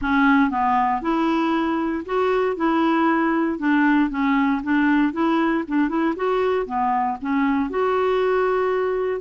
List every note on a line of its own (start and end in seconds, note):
0.01 0.50 C#4
0.50 1.01 B3
1.01 2.04 E4
2.05 2.56 F#4
2.56 3.58 E4
3.58 4.10 D4
4.10 4.61 C#4
4.63 5.13 D4
5.13 5.64 E4
5.67 5.88 D4
5.88 6.14 E4
6.16 6.65 F#4
6.65 7.17 B3
7.21 7.69 C#4
7.69 9.20 F#4